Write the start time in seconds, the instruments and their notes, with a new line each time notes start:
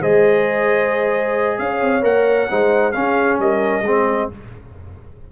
0.00 tuba G#3, trombone G#4, horn C5, trumpet D#5
1.59 tuba C#4, horn C#5, trumpet F5
1.81 tuba C4
2.02 tuba A#3, trombone A#4, trumpet F#5
2.50 tuba G#3, trombone D#4, horn C5
2.92 trombone C#4, tuba C#4, horn G#4, trumpet F5
3.39 tuba G3, horn A#4, trumpet D#5
3.82 tuba G#3, trombone C4, horn G#4